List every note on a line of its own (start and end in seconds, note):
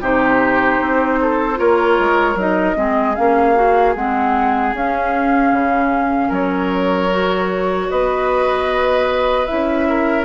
0.00 0.79 C3
0.00 1.55 D#4
0.00 1.19 G4
0.00 1.58 C5
0.80 1.59 C4
1.21 1.59 A4
1.55 1.99 A#3
1.55 2.34 F4
1.55 2.77 A#4
1.55 2.37 C#5
1.99 2.35 G#3
2.35 2.74 F#3
2.35 2.75 D#4
2.35 3.15 D#5
2.75 3.16 G#3
2.75 3.15 C4
2.75 6.28 G#4
3.15 3.95 A#3
3.15 3.55 C#4
3.15 3.94 F5
3.55 3.95 F#4
3.95 4.73 G#3
3.95 4.75 C4
3.95 4.74 F#5
4.73 5.52 C#4
4.73 7.10 C#4
4.73 6.33 F5
5.52 6.30 C#3
6.28 7.88 F#3
6.28 7.86 A#4
6.28 7.90 C#5
7.10 9.47 F#4
7.90 9.49 B3
7.90 9.88 B4
7.90 9.45 D#5
9.45 10.25 C#4
9.45 10.25 E4
9.45 10.24 E5
9.89 10.25 A#4